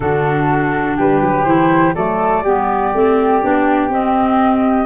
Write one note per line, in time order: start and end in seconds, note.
0.00 0.98 D3
0.00 1.45 D4
0.00 0.96 F#4
0.00 0.97 A4
0.96 1.21 G3
0.96 1.94 G4
0.96 1.44 B4
1.21 1.45 F#3
1.44 1.94 E3
1.44 1.94 E4
1.44 1.93 C5
1.94 2.43 F#3
1.94 2.44 A3
1.94 2.43 A4
1.94 3.89 D5
2.43 2.92 G3
2.43 2.94 B3
2.43 4.86 G4
2.94 3.43 A3
2.94 3.42 C4
3.42 3.89 B3
3.42 3.90 D4
3.89 4.86 C4
3.89 4.86 D#5